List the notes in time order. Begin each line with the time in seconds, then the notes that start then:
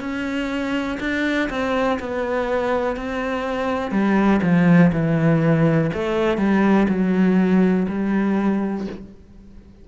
0.00 C#4
1.00 D4
1.50 C4
2.00 B3
2.96 C4
3.92 G3
4.43 F3
4.93 E3
5.94 A3
6.38 G3
6.89 F#3
7.89 G3